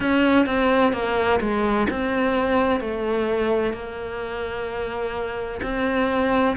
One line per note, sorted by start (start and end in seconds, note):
0.00 0.46 C#4
0.46 0.92 C4
0.92 1.39 A#3
1.40 1.87 G#3
1.90 2.80 C4
2.80 3.73 A3
3.73 5.60 A#3
5.62 6.56 C4